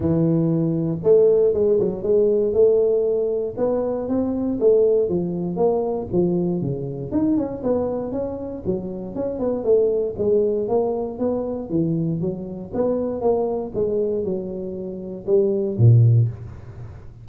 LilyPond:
\new Staff \with { instrumentName = "tuba" } { \time 4/4 \tempo 4 = 118 e2 a4 gis8 fis8 | gis4 a2 b4 | c'4 a4 f4 ais4 | f4 cis4 dis'8 cis'8 b4 |
cis'4 fis4 cis'8 b8 a4 | gis4 ais4 b4 e4 | fis4 b4 ais4 gis4 | fis2 g4 ais,4 | }